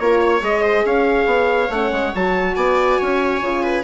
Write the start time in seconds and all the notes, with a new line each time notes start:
0.00 A#3 F4 A#4 C#5
0.22 C#5
0.41 G#3 G#4 D#5
0.63 C5
0.85 C#4 C#5 F5
1.26 B3
1.70 A3 C#4 F#5
1.92 G#3
2.15 F#3 F#4 A5
2.55 B3 D5 G#5
2.99 C#4 C#5
3.41 C#3 F4
3.64 B4